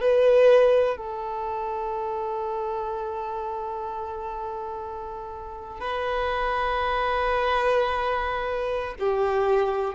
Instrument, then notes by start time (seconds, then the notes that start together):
violin
0.00 B4
0.96 A4
5.80 B4
8.99 G4